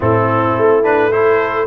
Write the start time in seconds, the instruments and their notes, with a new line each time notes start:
0.00 tuba A2, trombone C4, horn E4, trumpet A4
0.56 tuba A3
0.83 trombone D4, trumpet B4
1.11 trombone E4, horn A4, trumpet C5